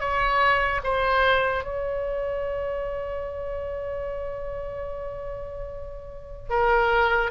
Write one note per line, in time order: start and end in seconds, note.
0.00 0.81 C#5
0.84 1.64 C5
1.64 6.50 C#5
6.50 7.31 A#4